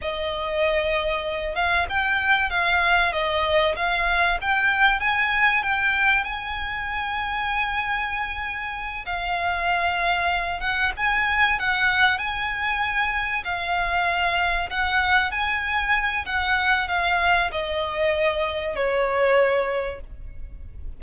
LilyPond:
\new Staff \with { instrumentName = "violin" } { \time 4/4 \tempo 4 = 96 dis''2~ dis''8 f''8 g''4 | f''4 dis''4 f''4 g''4 | gis''4 g''4 gis''2~ | gis''2~ gis''8 f''4.~ |
f''4 fis''8 gis''4 fis''4 gis''8~ | gis''4. f''2 fis''8~ | fis''8 gis''4. fis''4 f''4 | dis''2 cis''2 | }